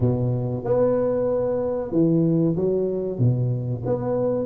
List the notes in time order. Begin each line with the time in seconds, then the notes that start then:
0.00 B2
0.64 B3
1.91 E3
2.55 F#3
3.19 B2
3.85 B3